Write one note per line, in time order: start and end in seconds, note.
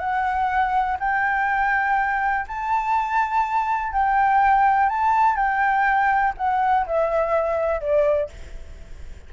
0.00 0.98 F#5
1.00 2.46 G5
2.48 3.93 A5
3.93 4.89 G5
4.89 5.37 A5
5.37 6.34 G5
6.38 6.86 F#5
6.87 7.81 E5
7.81 8.30 D5